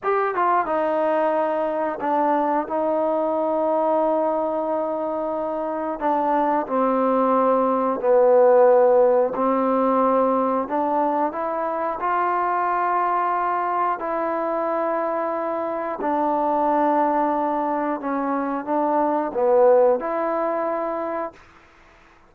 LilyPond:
\new Staff \with { instrumentName = "trombone" } { \time 4/4 \tempo 4 = 90 g'8 f'8 dis'2 d'4 | dis'1~ | dis'4 d'4 c'2 | b2 c'2 |
d'4 e'4 f'2~ | f'4 e'2. | d'2. cis'4 | d'4 b4 e'2 | }